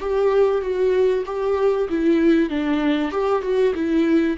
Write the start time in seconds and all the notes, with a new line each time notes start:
0.00 G4
0.61 F#4
1.25 G4
1.89 E4
2.49 D4
3.11 G4
3.42 F#4
3.74 E4